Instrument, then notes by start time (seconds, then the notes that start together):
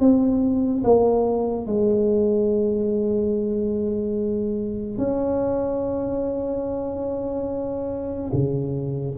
tuba
0.00 C4
0.84 A#3
1.67 G#3
4.98 C#4
8.34 C#3